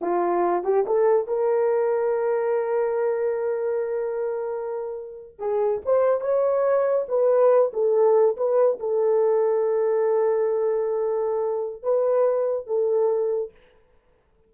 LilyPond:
\new Staff \with { instrumentName = "horn" } { \time 4/4 \tempo 4 = 142 f'4. g'8 a'4 ais'4~ | ais'1~ | ais'1~ | ais'8. gis'4 c''4 cis''4~ cis''16~ |
cis''8. b'4. a'4. b'16~ | b'8. a'2.~ a'16~ | a'1 | b'2 a'2 | }